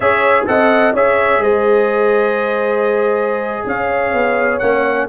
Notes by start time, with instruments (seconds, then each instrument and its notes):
0.00 tuba C#4, trombone G#4, horn C#5, trumpet E5
0.46 tuba C4, trombone A4, horn D#5, trumpet F#5
0.93 tuba C#4, trombone G#4, horn C#5, trumpet E5
1.37 tuba G#3, horn C5, trumpet D#5
3.66 tuba C#4, horn C#5, trumpet F5
4.13 tuba B3
4.58 tuba A#3, trombone C#4, trumpet F#5